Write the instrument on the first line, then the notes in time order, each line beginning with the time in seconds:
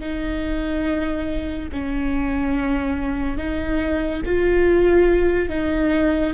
viola
0.00 D#4
1.72 C#4
3.38 D#4
4.26 F4
5.49 D#4